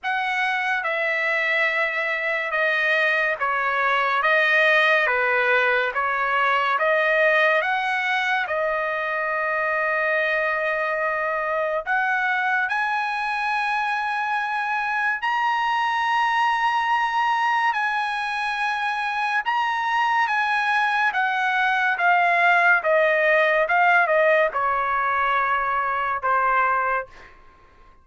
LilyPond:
\new Staff \with { instrumentName = "trumpet" } { \time 4/4 \tempo 4 = 71 fis''4 e''2 dis''4 | cis''4 dis''4 b'4 cis''4 | dis''4 fis''4 dis''2~ | dis''2 fis''4 gis''4~ |
gis''2 ais''2~ | ais''4 gis''2 ais''4 | gis''4 fis''4 f''4 dis''4 | f''8 dis''8 cis''2 c''4 | }